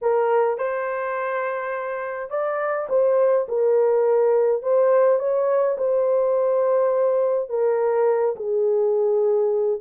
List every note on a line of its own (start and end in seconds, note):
0.01 0.58 A#4
0.58 2.29 C5
2.29 2.87 D5
2.89 3.46 C5
3.48 4.62 A#4
4.62 5.19 C5
5.19 5.77 C#5
5.77 7.49 C5
7.49 8.35 A#4
8.35 9.80 G#4